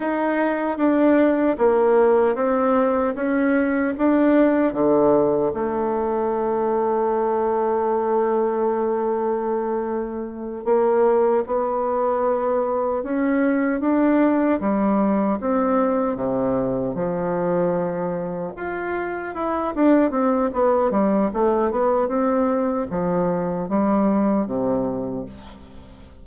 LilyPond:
\new Staff \with { instrumentName = "bassoon" } { \time 4/4 \tempo 4 = 76 dis'4 d'4 ais4 c'4 | cis'4 d'4 d4 a4~ | a1~ | a4. ais4 b4.~ |
b8 cis'4 d'4 g4 c'8~ | c'8 c4 f2 f'8~ | f'8 e'8 d'8 c'8 b8 g8 a8 b8 | c'4 f4 g4 c4 | }